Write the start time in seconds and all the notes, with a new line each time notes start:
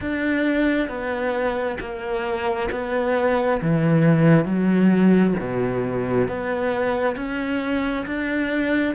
0.00 D4
0.88 B3
1.80 A#3
2.71 B3
3.61 E3
4.45 F#3
5.40 B2
6.27 B3
7.16 C#4
8.06 D4